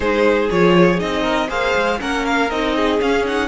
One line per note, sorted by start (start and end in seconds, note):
0.00 0.49 G#3
0.00 0.49 D#4
0.00 1.22 G#4
0.00 0.49 C5
0.50 1.01 F3
0.50 0.97 F4
0.50 0.99 C#5
0.97 1.49 C4
0.97 1.47 D#4
0.97 1.49 D#5
1.22 1.47 A#4
1.48 1.74 A#3
1.48 1.97 G#4
1.48 1.99 C5
1.48 2.00 F5
1.75 2.00 G#3
1.98 2.50 A#3
1.98 2.48 C#4
1.98 2.75 A#4
1.98 2.25 F#5
2.25 2.50 F5
2.50 3.00 C4
2.50 2.99 D#4
2.50 3.00 D#5
2.76 3.47 G#4
2.99 3.24 C#4
2.99 3.47 C#4
2.99 3.25 F5
3.25 3.47 D#4
3.25 3.47 F#5